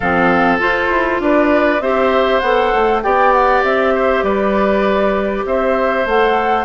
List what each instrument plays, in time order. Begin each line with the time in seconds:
0.00 bassoon F3, clarinet C4, oboe A4, flute F5
0.58 clarinet F4, bassoon F4, flute C5
0.89 bassoon E4
1.19 bassoon D4, oboe B4, flute D5
1.80 bassoon C4, clarinet G4, oboe C5, flute E5
2.39 bassoon B3, clarinet A4, flute F#5
2.74 bassoon A3
3.03 bassoon B3, clarinet G4, oboe D5, flute G5
3.32 flute F#5
3.63 bassoon C4, flute E5
3.94 oboe C5
4.22 bassoon G3, oboe B4, flute D5
5.45 bassoon C4, oboe C5, flute E5
6.05 bassoon A3, clarinet A4, flute F#5